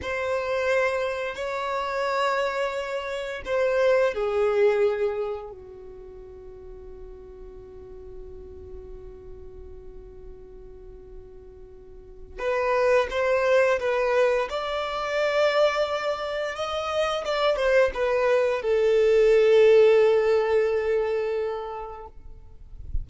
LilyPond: \new Staff \with { instrumentName = "violin" } { \time 4/4 \tempo 4 = 87 c''2 cis''2~ | cis''4 c''4 gis'2 | fis'1~ | fis'1~ |
fis'2 b'4 c''4 | b'4 d''2. | dis''4 d''8 c''8 b'4 a'4~ | a'1 | }